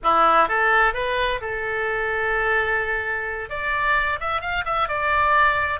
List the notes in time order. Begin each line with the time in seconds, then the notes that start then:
0.03 E4
0.48 A4
0.93 B4
1.41 A4
3.49 D5
4.20 E5
4.41 F5
4.65 E5
4.88 D5